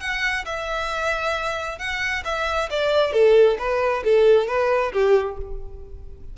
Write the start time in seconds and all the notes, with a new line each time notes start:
0.00 F#5
0.45 E5
1.78 F#5
2.24 E5
2.70 D5
3.12 A4
3.58 B4
4.04 A4
4.47 B4
4.92 G4